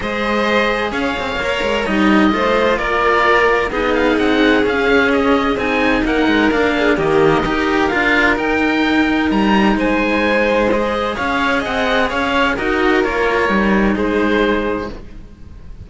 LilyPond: <<
  \new Staff \with { instrumentName = "oboe" } { \time 4/4 \tempo 4 = 129 dis''2 f''2 | dis''2 d''2 | dis''8 f''8 fis''4 f''4 dis''4 | gis''4 fis''4 f''4 dis''4~ |
dis''4 f''4 g''2 | ais''4 gis''2 dis''4 | f''4 fis''4 f''4 dis''4 | cis''2 c''2 | }
  \new Staff \with { instrumentName = "violin" } { \time 4/4 c''2 cis''2~ | cis''4 c''4 ais'2 | gis'1~ | gis'4 ais'4. gis'8 g'4 |
ais'1~ | ais'4 c''2. | cis''4 dis''4 cis''4 ais'4~ | ais'2 gis'2 | }
  \new Staff \with { instrumentName = "cello" } { \time 4/4 gis'2. ais'4 | dis'4 f'2. | dis'2 cis'2 | dis'2 d'4 ais4 |
g'4 f'4 dis'2~ | dis'2. gis'4~ | gis'2. fis'4 | f'4 dis'2. | }
  \new Staff \with { instrumentName = "cello" } { \time 4/4 gis2 cis'8 c'8 ais8 gis8 | g4 a4 ais2 | b4 c'4 cis'2 | c'4 ais8 gis8 ais4 dis4 |
dis'4 d'4 dis'2 | g4 gis2. | cis'4 c'4 cis'4 dis'4 | ais4 g4 gis2 | }
>>